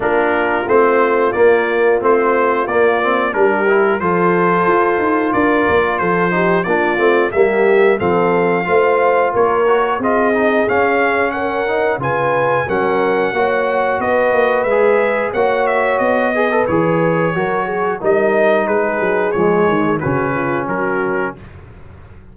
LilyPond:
<<
  \new Staff \with { instrumentName = "trumpet" } { \time 4/4 \tempo 4 = 90 ais'4 c''4 d''4 c''4 | d''4 ais'4 c''2 | d''4 c''4 d''4 e''4 | f''2 cis''4 dis''4 |
f''4 fis''4 gis''4 fis''4~ | fis''4 dis''4 e''4 fis''8 e''8 | dis''4 cis''2 dis''4 | b'4 cis''4 b'4 ais'4 | }
  \new Staff \with { instrumentName = "horn" } { \time 4/4 f'1~ | f'4 g'4 a'2 | ais'4 a'8 g'8 f'4 g'4 | a'4 c''4 ais'4 gis'4~ |
gis'4 ais'4 b'4 ais'4 | cis''4 b'2 cis''4~ | cis''8 b'4. ais'8 gis'8 ais'4 | gis'2 fis'8 f'8 fis'4 | }
  \new Staff \with { instrumentName = "trombone" } { \time 4/4 d'4 c'4 ais4 c'4 | ais8 c'8 d'8 e'8 f'2~ | f'4. dis'8 d'8 c'8 ais4 | c'4 f'4. fis'8 f'8 dis'8 |
cis'4. dis'8 f'4 cis'4 | fis'2 gis'4 fis'4~ | fis'8 gis'16 a'16 gis'4 fis'4 dis'4~ | dis'4 gis4 cis'2 | }
  \new Staff \with { instrumentName = "tuba" } { \time 4/4 ais4 a4 ais4 a4 | ais4 g4 f4 f'8 dis'8 | d'8 ais8 f4 ais8 a8 g4 | f4 a4 ais4 c'4 |
cis'2 cis4 fis4 | ais4 b8 ais8 gis4 ais4 | b4 e4 fis4 g4 | gis8 fis8 f8 dis8 cis4 fis4 | }
>>